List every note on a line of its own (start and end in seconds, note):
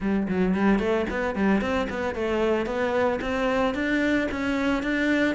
0.00 0.27 G3
0.28 0.54 F#3
0.54 0.79 G3
0.79 1.05 A3
1.10 1.35 B3
1.35 1.61 G3
1.61 1.87 C4
1.89 2.14 B3
2.14 2.66 A3
2.66 3.19 B3
3.21 3.74 C4
3.74 4.28 D4
4.31 4.83 C#4
4.83 5.35 D4